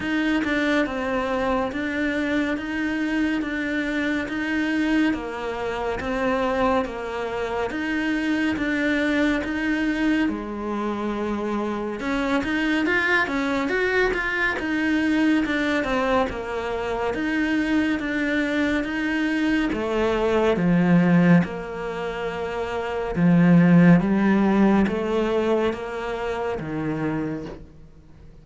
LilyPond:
\new Staff \with { instrumentName = "cello" } { \time 4/4 \tempo 4 = 70 dis'8 d'8 c'4 d'4 dis'4 | d'4 dis'4 ais4 c'4 | ais4 dis'4 d'4 dis'4 | gis2 cis'8 dis'8 f'8 cis'8 |
fis'8 f'8 dis'4 d'8 c'8 ais4 | dis'4 d'4 dis'4 a4 | f4 ais2 f4 | g4 a4 ais4 dis4 | }